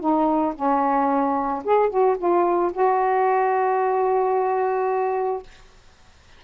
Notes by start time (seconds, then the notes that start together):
0.00 D#4
0.55 C#4
1.64 G#4
1.89 F#4
2.18 F4
2.72 F#4